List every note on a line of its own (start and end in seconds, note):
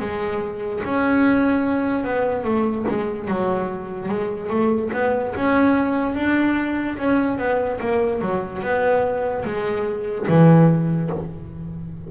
0.00 0.82 G#3
0.84 2.04 C#4
2.04 2.44 B3
2.44 2.85 A3
2.88 3.28 G#3
3.28 4.09 F#3
4.09 4.50 G#3
4.50 4.91 A3
4.93 5.34 B3
5.35 6.15 C#4
6.15 6.98 D4
6.98 7.38 C#4
7.38 7.79 B3
7.80 8.22 A#3
8.22 8.62 F#3
8.62 9.44 B3
9.45 10.27 G#3
10.28 11.10 E3